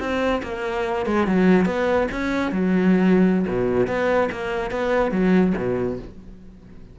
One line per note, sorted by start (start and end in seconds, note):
0.00 0.42 C4
0.43 1.06 A#3
1.06 1.27 G#3
1.27 1.66 F#3
1.66 2.08 B3
2.12 2.52 C#4
2.52 3.46 F#3
3.48 3.88 B2
3.88 4.29 B3
4.32 4.71 A#3
4.71 5.12 B3
5.12 5.53 F#3
5.57 5.99 B2